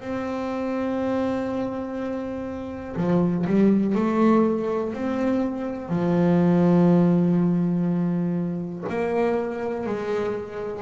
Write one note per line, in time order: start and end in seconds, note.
0.00 2.95 C4
2.96 3.45 F3
3.46 3.95 G3
3.95 4.93 A3
4.93 5.89 C4
5.89 8.84 F3
8.89 9.86 A#3
9.86 10.82 G#3